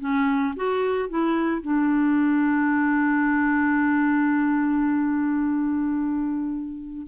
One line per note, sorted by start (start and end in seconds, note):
0.00 0.55 C#4
0.56 1.10 F#4
1.10 1.62 E4
1.62 7.07 D4